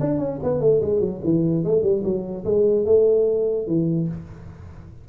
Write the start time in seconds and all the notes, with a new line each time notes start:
0.00 D4
0.19 C#4
0.43 B3
0.60 A3
0.81 G#3
1.00 F#3
1.24 E3
1.64 A3
1.82 G3
2.04 F#3
2.45 G#3
2.86 A3
3.67 E3